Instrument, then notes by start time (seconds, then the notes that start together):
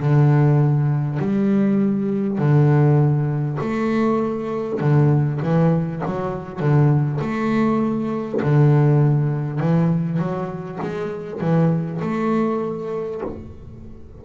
double bass
0.00 D3
1.19 G3
2.38 D3
3.61 A3
4.81 D3
5.42 E3
6.05 F#3
6.60 D3
7.21 A3
8.43 D3
9.60 E3
10.19 F#3
10.82 G#3
11.41 E3
12.02 A3